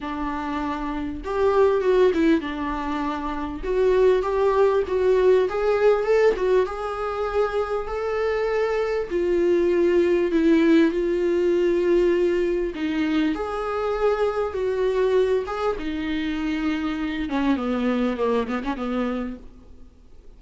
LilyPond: \new Staff \with { instrumentName = "viola" } { \time 4/4 \tempo 4 = 99 d'2 g'4 fis'8 e'8 | d'2 fis'4 g'4 | fis'4 gis'4 a'8 fis'8 gis'4~ | gis'4 a'2 f'4~ |
f'4 e'4 f'2~ | f'4 dis'4 gis'2 | fis'4. gis'8 dis'2~ | dis'8 cis'8 b4 ais8 b16 cis'16 b4 | }